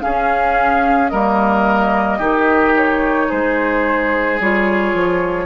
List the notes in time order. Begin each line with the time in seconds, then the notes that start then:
0.00 C#4 G#4 F5
1.09 G3 A#3 A#4 D#5
2.17 D#3 D#4 G4
2.76 C#5
3.28 G#3 G#4 C5
4.40 G3 F4 C#5
4.93 F3